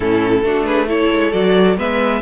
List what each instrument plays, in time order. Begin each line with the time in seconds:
0.00 cello A2, viola C#4, violin E4 A4
0.42 cello A3, viola D4, violin F#4
0.65 violin G#4 B4
0.87 viola E4, violin A4 C#5
1.12 cello G#3
1.31 cello F#3, viola F#4, violin D5
1.77 cello G#3, viola B3, violin B4 E5